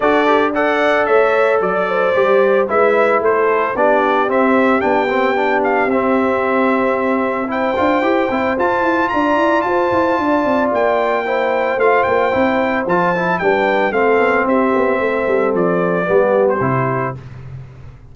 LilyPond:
<<
  \new Staff \with { instrumentName = "trumpet" } { \time 4/4 \tempo 4 = 112 d''4 fis''4 e''4 d''4~ | d''4 e''4 c''4 d''4 | e''4 g''4. f''8 e''4~ | e''2 g''2 |
a''4 ais''4 a''2 | g''2 f''8 g''4. | a''4 g''4 f''4 e''4~ | e''4 d''4.~ d''16 c''4~ c''16 | }
  \new Staff \with { instrumentName = "horn" } { \time 4/4 a'4 d''4 cis''4 d''8 c''8~ | c''4 b'4 a'4 g'4~ | g'1~ | g'2 c''2~ |
c''4 d''4 c''4 d''4~ | d''4 c''2.~ | c''4 b'4 a'4 g'4 | a'2 g'2 | }
  \new Staff \with { instrumentName = "trombone" } { \time 4/4 fis'8 g'8 a'2. | g'4 e'2 d'4 | c'4 d'8 c'8 d'4 c'4~ | c'2 e'8 f'8 g'8 e'8 |
f'1~ | f'4 e'4 f'4 e'4 | f'8 e'8 d'4 c'2~ | c'2 b4 e'4 | }
  \new Staff \with { instrumentName = "tuba" } { \time 4/4 d'2 a4 fis4 | g4 gis4 a4 b4 | c'4 b2 c'4~ | c'2~ c'8 d'8 e'8 c'8 |
f'8 e'8 d'8 e'8 f'8 e'8 d'8 c'8 | ais2 a8 ais8 c'4 | f4 g4 a8 b8 c'8 b8 | a8 g8 f4 g4 c4 | }
>>